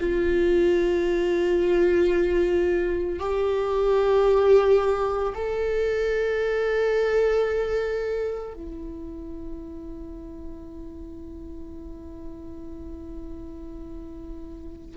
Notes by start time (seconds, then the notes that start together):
0.00 F4
3.19 G4
5.35 A4
8.54 E4